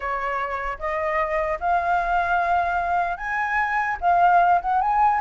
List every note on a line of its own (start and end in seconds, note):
0.00 0.77 C#5
0.79 1.59 D#5
1.59 3.17 F5
3.17 3.97 G#5
4.00 4.60 F5
4.61 4.81 F#5
4.81 5.20 G#5